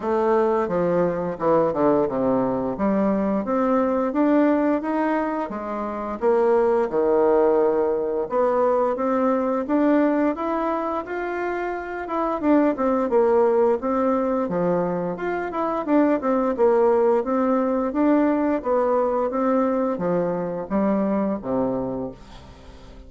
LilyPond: \new Staff \with { instrumentName = "bassoon" } { \time 4/4 \tempo 4 = 87 a4 f4 e8 d8 c4 | g4 c'4 d'4 dis'4 | gis4 ais4 dis2 | b4 c'4 d'4 e'4 |
f'4. e'8 d'8 c'8 ais4 | c'4 f4 f'8 e'8 d'8 c'8 | ais4 c'4 d'4 b4 | c'4 f4 g4 c4 | }